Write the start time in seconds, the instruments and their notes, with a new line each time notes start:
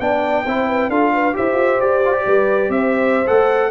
0.00 tuba B3, trombone D4, horn D5, trumpet G5
0.46 tuba C4, trombone E4, horn C5
0.68 horn B4
0.89 tuba D4, trombone F4, horn A4, trumpet F5
1.13 horn B4
1.34 tuba E4, trombone G4, horn C5, trumpet E5
1.54 tuba F4
1.81 tuba G4, trumpet D5
2.05 trombone F4
2.13 trombone G4
2.26 tuba G3, horn B4
2.69 tuba C4, horn C5, trumpet E5
3.27 tuba A3, trombone A4, trumpet F#5